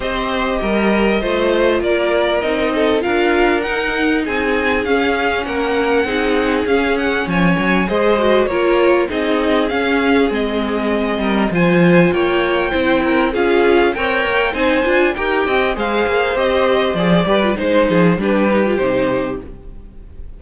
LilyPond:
<<
  \new Staff \with { instrumentName = "violin" } { \time 4/4 \tempo 4 = 99 dis''2. d''4 | dis''4 f''4 fis''4 gis''4 | f''4 fis''2 f''8 fis''8 | gis''4 dis''4 cis''4 dis''4 |
f''4 dis''2 gis''4 | g''2 f''4 g''4 | gis''4 g''4 f''4 dis''4 | d''4 c''4 b'4 c''4 | }
  \new Staff \with { instrumentName = "violin" } { \time 4/4 c''4 ais'4 c''4 ais'4~ | ais'8 a'8 ais'2 gis'4~ | gis'4 ais'4 gis'2 | cis''4 c''4 ais'4 gis'4~ |
gis'2~ gis'8 ais'8 c''4 | cis''4 c''8 ais'8 gis'4 cis''4 | c''4 ais'8 dis''8 c''2~ | c''8 b'8 c''8 gis'8 g'2 | }
  \new Staff \with { instrumentName = "viola" } { \time 4/4 g'2 f'2 | dis'4 f'4 dis'2 | cis'2 dis'4 cis'4~ | cis'4 gis'8 fis'8 f'4 dis'4 |
cis'4 c'2 f'4~ | f'4 e'4 f'4 ais'4 | dis'8 f'8 g'4 gis'4 g'4 | gis'8 g'16 f'16 dis'4 d'8 dis'16 f'16 dis'4 | }
  \new Staff \with { instrumentName = "cello" } { \time 4/4 c'4 g4 a4 ais4 | c'4 d'4 dis'4 c'4 | cis'4 ais4 c'4 cis'4 | f8 fis8 gis4 ais4 c'4 |
cis'4 gis4. g8 f4 | ais4 c'4 cis'4 c'8 ais8 | c'8 d'8 dis'8 c'8 gis8 ais8 c'4 | f8 g8 gis8 f8 g4 c4 | }
>>